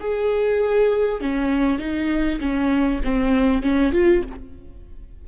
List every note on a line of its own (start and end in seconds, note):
0.00 1.21 G#4
1.21 1.79 C#4
1.79 2.40 D#4
2.40 3.01 C#4
3.04 3.63 C4
3.63 3.92 C#4
3.92 4.23 F4